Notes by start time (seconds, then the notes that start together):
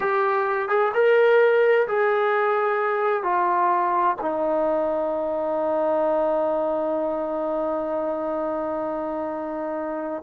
0.00 G4
0.68 G#4
0.94 A#4
1.87 G#4
3.23 F4
4.21 D#4